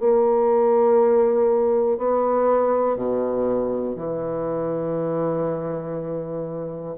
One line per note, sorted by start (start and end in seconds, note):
0.00 1.98 A#3
1.98 2.96 B3
2.96 3.96 B2
3.96 6.96 E3